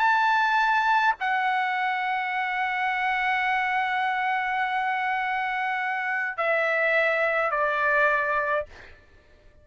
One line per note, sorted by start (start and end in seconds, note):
0.00 1.15 A5
1.20 6.38 F#5
6.38 7.51 E5
7.51 8.67 D5